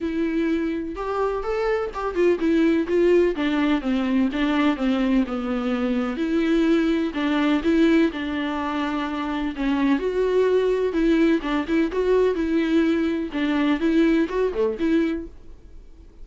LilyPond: \new Staff \with { instrumentName = "viola" } { \time 4/4 \tempo 4 = 126 e'2 g'4 a'4 | g'8 f'8 e'4 f'4 d'4 | c'4 d'4 c'4 b4~ | b4 e'2 d'4 |
e'4 d'2. | cis'4 fis'2 e'4 | d'8 e'8 fis'4 e'2 | d'4 e'4 fis'8 a8 e'4 | }